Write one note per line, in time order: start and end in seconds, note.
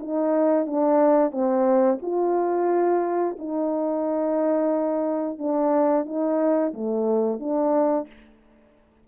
0.00 0.66 D#4
0.66 1.31 D4
1.31 1.98 C4
2.02 3.37 F4
3.38 5.38 D#4
5.38 6.05 D4
6.05 6.73 D#4
6.73 7.39 A3
7.39 8.07 D4